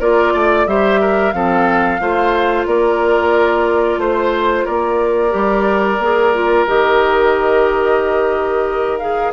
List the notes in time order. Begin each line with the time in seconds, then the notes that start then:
0.00 A#3 F4 A#4 D5
0.34 A3 D5
0.67 G3 G4 C5 E5
1.01 A#4
1.33 F3 C4 A4 F5
2.01 A3 F4 C5
2.67 A#3 A#4 D5
3.98 A3 C5
4.66 A#3 A#4 D5
5.31 G3 G4
5.99 A#3 G#4
6.35 F4
6.67 D#3 G4 D#5
8.98 G#4 F5